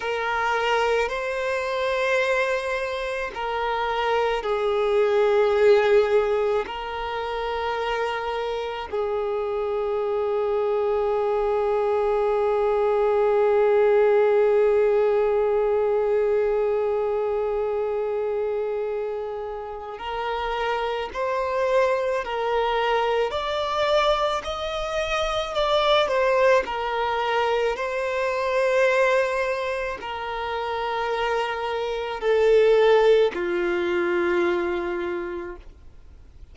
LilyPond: \new Staff \with { instrumentName = "violin" } { \time 4/4 \tempo 4 = 54 ais'4 c''2 ais'4 | gis'2 ais'2 | gis'1~ | gis'1~ |
gis'2 ais'4 c''4 | ais'4 d''4 dis''4 d''8 c''8 | ais'4 c''2 ais'4~ | ais'4 a'4 f'2 | }